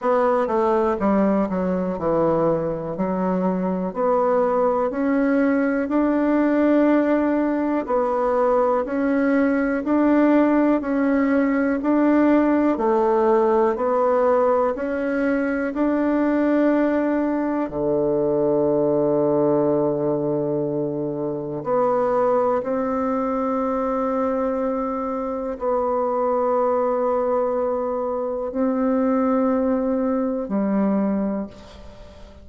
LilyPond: \new Staff \with { instrumentName = "bassoon" } { \time 4/4 \tempo 4 = 61 b8 a8 g8 fis8 e4 fis4 | b4 cis'4 d'2 | b4 cis'4 d'4 cis'4 | d'4 a4 b4 cis'4 |
d'2 d2~ | d2 b4 c'4~ | c'2 b2~ | b4 c'2 g4 | }